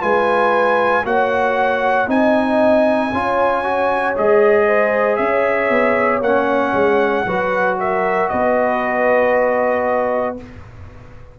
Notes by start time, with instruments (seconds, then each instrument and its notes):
0.00 tuba G#3, trombone F4, horn B4, trumpet G#5
1.04 tuba A#3, trombone F#4, horn C#5, trumpet F#5
2.07 tuba C4, trombone D#4, horn D#5, trumpet G#5
3.12 tuba C#4, trombone F4, horn C#5
3.63 trombone F#4
4.15 tuba G#3, trombone G#4, trumpet D#5
4.67 horn C5
5.16 tuba C#4, horn C#5, trumpet E5
5.69 tuba B3
6.21 tuba A#3, trombone C#4, trumpet F#5
6.73 tuba G#3
7.26 tuba F#3, trombone F#4, horn B4
7.79 horn A#4, trumpet E5
8.29 tuba B3, horn B4, trumpet D#5